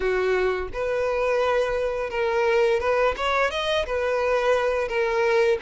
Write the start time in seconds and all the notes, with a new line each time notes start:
0.00 F#4
0.73 B4
2.10 A#4
2.80 B4
3.16 C#5
3.50 D#5
3.86 B4
4.88 A#4